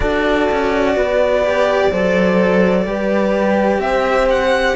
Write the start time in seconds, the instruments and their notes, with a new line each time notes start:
0.00 cello D4 F#4, horn A4, violin D5
0.51 cello C#4
0.95 cello B3, horn B4
1.43 cello G4
1.90 cello F#3 A4, horn C5
2.85 cello G3 G4, horn B4
3.78 cello C4, horn C5, violin E5
4.30 violin F#5